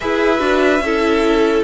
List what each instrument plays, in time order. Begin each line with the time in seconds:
0.00 cello E4, viola G#4, violin B4 E5
0.38 cello D4, viola F#4
0.80 cello C#4, viola E4, violin A4